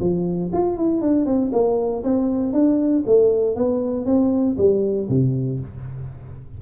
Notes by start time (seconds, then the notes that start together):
0.00 F3
0.53 F4
0.77 E4
1.01 D4
1.26 C4
1.53 A#3
2.04 C4
2.53 D4
3.06 A3
3.56 B3
4.06 C4
4.58 G3
5.09 C3